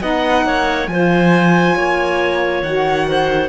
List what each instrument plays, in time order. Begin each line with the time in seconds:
0.00 cello B3, saxophone D#4, clarinet D#5, violin F#5
0.45 cello A#3, clarinet C#5
0.87 cello F3, saxophone F4, clarinet C5, violin G#5
1.76 cello A#3, clarinet C#5
2.62 cello D#3, saxophone F#4, violin F#5
3.08 clarinet C5